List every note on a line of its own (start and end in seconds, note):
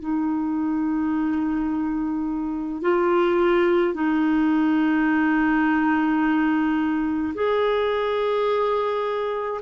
0.00 2.82 D#4
2.82 3.94 F4
3.94 7.34 D#4
7.34 9.61 G#4